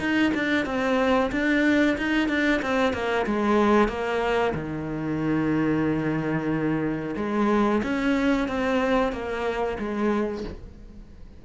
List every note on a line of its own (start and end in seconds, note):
0.00 0.33 D#4
0.35 0.66 D4
0.66 1.31 C4
1.32 1.97 D4
1.98 2.29 D#4
2.29 2.61 D4
2.63 2.93 C4
2.93 3.26 A#3
3.26 3.89 G#3
3.89 4.54 A#3
4.55 7.16 D#3
7.17 7.82 G#3
7.83 8.48 C#4
8.48 9.13 C4
9.13 9.78 A#3
9.79 10.45 G#3